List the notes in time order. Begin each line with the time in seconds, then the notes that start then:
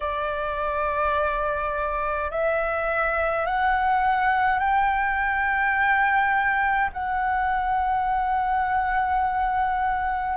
0.00 D5
2.31 E5
3.46 F#5
4.58 G5
6.92 F#5